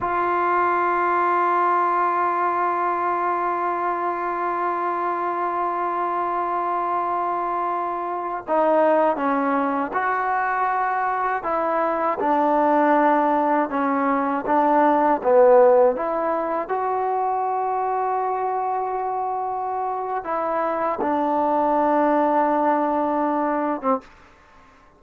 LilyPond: \new Staff \with { instrumentName = "trombone" } { \time 4/4 \tempo 4 = 80 f'1~ | f'1~ | f'2.~ f'16 dis'8.~ | dis'16 cis'4 fis'2 e'8.~ |
e'16 d'2 cis'4 d'8.~ | d'16 b4 e'4 fis'4.~ fis'16~ | fis'2. e'4 | d'2.~ d'8. c'16 | }